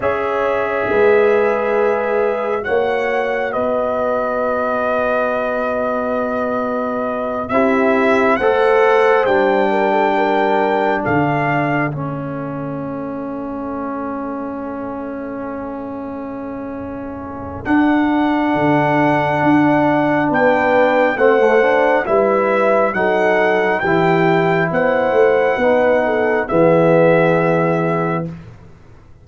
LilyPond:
<<
  \new Staff \with { instrumentName = "trumpet" } { \time 4/4 \tempo 4 = 68 e''2. fis''4 | dis''1~ | dis''8 e''4 fis''4 g''4.~ | g''8 f''4 e''2~ e''8~ |
e''1 | fis''2. g''4 | fis''4 e''4 fis''4 g''4 | fis''2 e''2 | }
  \new Staff \with { instrumentName = "horn" } { \time 4/4 cis''4 b'2 cis''4 | b'1~ | b'8 g'4 c''4. ais'16 a'16 ais'8~ | ais'8 a'2.~ a'8~ |
a'1~ | a'2. b'4 | c''4 b'4 a'4 g'4 | c''4 b'8 a'8 gis'2 | }
  \new Staff \with { instrumentName = "trombone" } { \time 4/4 gis'2. fis'4~ | fis'1~ | fis'8 e'4 a'4 d'4.~ | d'4. cis'2~ cis'8~ |
cis'1 | d'1 | c'16 a16 d'8 e'4 dis'4 e'4~ | e'4 dis'4 b2 | }
  \new Staff \with { instrumentName = "tuba" } { \time 4/4 cis'4 gis2 ais4 | b1~ | b8 c'4 a4 g4.~ | g8 d4 a2~ a8~ |
a1 | d'4 d4 d'4 b4 | a4 g4 fis4 e4 | b8 a8 b4 e2 | }
>>